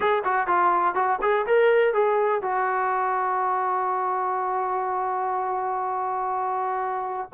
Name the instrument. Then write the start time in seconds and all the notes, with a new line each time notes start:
trombone
0.00 G#4
0.24 F#4
0.47 F4
0.94 F#4
1.21 G#4
1.46 A#4
1.93 G#4
2.42 F#4